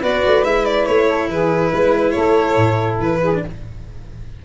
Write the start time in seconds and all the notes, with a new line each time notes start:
0.00 B3 F#4 B4 D5
0.26 A3
0.43 G#3 E4 E5
0.65 D5
0.86 A3 C#5
1.07 A4
1.29 E3 G#4 B4
1.71 G#3 B4
2.11 A3 A4 C#5
2.56 A2
2.98 E3 B4
3.22 G#4
3.34 D4